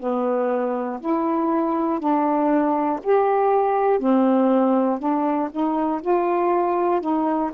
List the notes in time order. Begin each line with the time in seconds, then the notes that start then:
0.00 B3
1.00 E4
2.00 D4
3.03 G4
4.00 C4
4.99 D4
5.51 D#4
6.02 F4
7.00 D#4